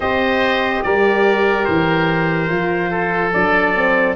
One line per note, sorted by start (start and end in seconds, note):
0.00 0.82 C4
0.00 2.49 G4
0.00 0.83 C5
0.00 0.82 D#5
0.82 1.67 G3
0.82 2.90 A#4
0.82 1.65 D5
1.65 2.50 E3
1.65 3.31 C5
2.49 3.34 F3
2.49 3.32 F4
2.90 4.15 A4
3.33 4.15 F#3
3.33 3.75 D4
3.33 4.15 D5
3.75 4.15 C4